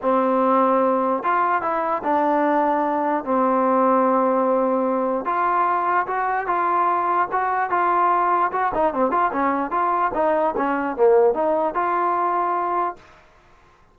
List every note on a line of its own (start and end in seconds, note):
0.01 1.23 C4
1.23 1.62 F4
1.62 2.02 E4
2.03 3.24 D4
3.24 5.25 C4
5.25 6.06 F4
6.07 6.46 F#4
6.46 7.28 F4
7.32 7.70 F#4
7.70 8.51 F4
8.51 8.72 F#4
8.74 8.93 D#4
8.93 9.11 C4
9.11 9.31 F4
9.32 9.70 C#4
9.70 10.11 F4
10.14 10.54 D#4
10.56 10.96 C#4
10.96 11.34 A#3
11.34 11.74 D#4
11.74 12.95 F4